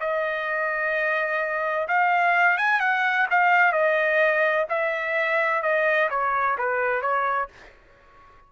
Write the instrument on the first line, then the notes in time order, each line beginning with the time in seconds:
trumpet
0.00 D#5
1.88 F5
2.57 G#5
2.80 F#5
3.31 F5
3.72 D#5
4.69 E5
5.62 D#5
6.10 C#5
6.58 B4
7.01 C#5